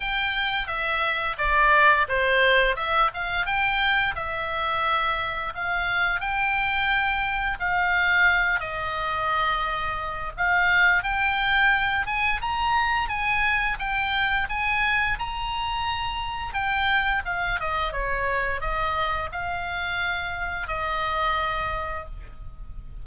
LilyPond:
\new Staff \with { instrumentName = "oboe" } { \time 4/4 \tempo 4 = 87 g''4 e''4 d''4 c''4 | e''8 f''8 g''4 e''2 | f''4 g''2 f''4~ | f''8 dis''2~ dis''8 f''4 |
g''4. gis''8 ais''4 gis''4 | g''4 gis''4 ais''2 | g''4 f''8 dis''8 cis''4 dis''4 | f''2 dis''2 | }